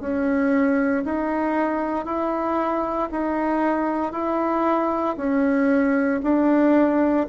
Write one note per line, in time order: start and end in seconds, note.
0.00 1.03 C#4
1.04 2.05 D#4
2.05 3.08 E4
3.11 4.12 D#4
4.12 5.15 E4
5.17 6.20 C#4
6.23 7.26 D4